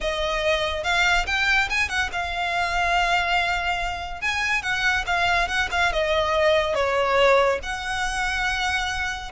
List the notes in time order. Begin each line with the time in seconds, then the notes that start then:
0.00 D#5
0.83 F5
1.26 G5
1.69 G#5
1.89 F#5
2.12 F5
4.21 G#5
4.62 F#5
5.06 F5
5.47 F#5
5.71 F5
5.92 D#5
6.75 C#5
7.62 F#5